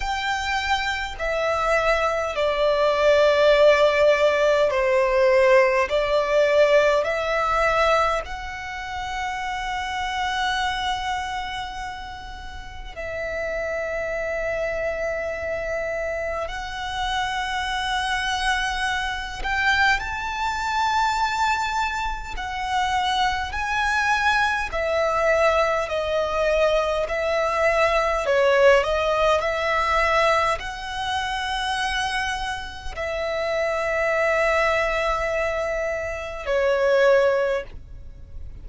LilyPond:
\new Staff \with { instrumentName = "violin" } { \time 4/4 \tempo 4 = 51 g''4 e''4 d''2 | c''4 d''4 e''4 fis''4~ | fis''2. e''4~ | e''2 fis''2~ |
fis''8 g''8 a''2 fis''4 | gis''4 e''4 dis''4 e''4 | cis''8 dis''8 e''4 fis''2 | e''2. cis''4 | }